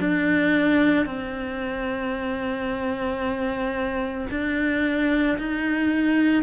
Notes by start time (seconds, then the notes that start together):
0.00 D4
1.06 C4
4.31 D4
5.38 D#4